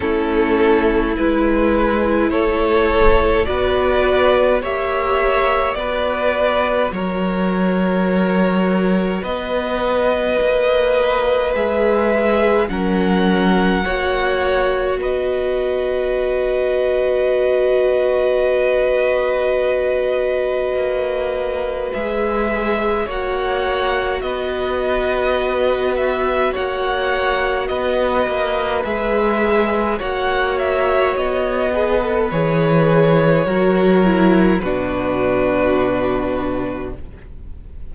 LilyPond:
<<
  \new Staff \with { instrumentName = "violin" } { \time 4/4 \tempo 4 = 52 a'4 b'4 cis''4 d''4 | e''4 d''4 cis''2 | dis''2 e''4 fis''4~ | fis''4 dis''2.~ |
dis''2. e''4 | fis''4 dis''4. e''8 fis''4 | dis''4 e''4 fis''8 e''8 dis''4 | cis''2 b'2 | }
  \new Staff \with { instrumentName = "violin" } { \time 4/4 e'2 a'4 b'4 | cis''4 b'4 ais'2 | b'2. ais'4 | cis''4 b'2.~ |
b'1 | cis''4 b'2 cis''4 | b'2 cis''4. b'8~ | b'4 ais'4 fis'2 | }
  \new Staff \with { instrumentName = "viola" } { \time 4/4 cis'4 e'2 fis'4 | g'4 fis'2.~ | fis'2 gis'4 cis'4 | fis'1~ |
fis'2. gis'4 | fis'1~ | fis'4 gis'4 fis'4. gis'16 a'16 | gis'4 fis'8 e'8 d'2 | }
  \new Staff \with { instrumentName = "cello" } { \time 4/4 a4 gis4 a4 b4 | ais4 b4 fis2 | b4 ais4 gis4 fis4 | ais4 b2.~ |
b2 ais4 gis4 | ais4 b2 ais4 | b8 ais8 gis4 ais4 b4 | e4 fis4 b,2 | }
>>